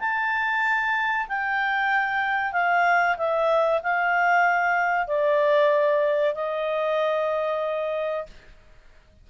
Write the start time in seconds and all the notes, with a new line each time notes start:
0.00 A5
1.29 G5
2.53 F5
3.18 E5
3.83 F5
5.07 D5
6.35 D#5